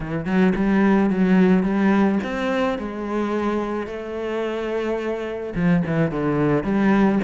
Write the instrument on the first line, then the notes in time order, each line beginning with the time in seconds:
cello
0.00 E3
0.25 F#3
0.55 G3
1.10 F#3
1.63 G3
2.23 C4
2.78 G#3
3.86 A3
5.55 F3
5.86 E3
6.11 D3
6.63 G3